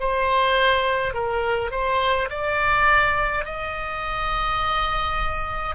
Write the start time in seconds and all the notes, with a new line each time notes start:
0.00 C5
1.14 A#4
1.72 C5
2.30 D5
3.45 D#5